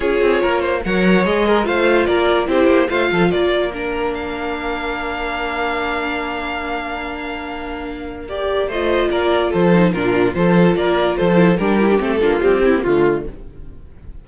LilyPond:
<<
  \new Staff \with { instrumentName = "violin" } { \time 4/4 \tempo 4 = 145 cis''2 fis''4 dis''4 | f''4 d''4 c''4 f''4 | d''4 ais'4 f''2~ | f''1~ |
f''1 | d''4 dis''4 d''4 c''4 | ais'4 c''4 d''4 c''4 | ais'4 a'4 g'4 f'4 | }
  \new Staff \with { instrumentName = "violin" } { \time 4/4 gis'4 ais'8 c''8 cis''4. ais'8 | c''4 ais'4 g'4 c''8 a'8 | ais'1~ | ais'1~ |
ais'1~ | ais'4 c''4 ais'4 a'4 | f'4 a'4 ais'4 a'4 | g'4. f'4 e'8 f'4 | }
  \new Staff \with { instrumentName = "viola" } { \time 4/4 f'2 ais'4 gis'4 | f'2 e'4 f'4~ | f'4 d'2.~ | d'1~ |
d'1 | g'4 f'2~ f'8 dis'8 | d'4 f'2~ f'8 e'8 | d'8 e'16 d'16 c'8 d'8 g8 c'16 ais16 a4 | }
  \new Staff \with { instrumentName = "cello" } { \time 4/4 cis'8 c'8 ais4 fis4 gis4 | a4 ais4 c'8 ais8 a8 f8 | ais1~ | ais1~ |
ais1~ | ais4 a4 ais4 f4 | ais,4 f4 ais4 f4 | g4 a8 ais8 c'4 d4 | }
>>